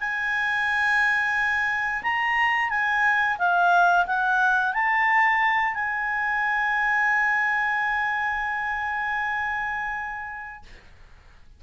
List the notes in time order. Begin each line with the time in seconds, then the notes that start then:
0.00 G#5
2.03 A#5
2.69 G#5
3.38 F5
4.06 F#5
4.73 A5
5.74 G#5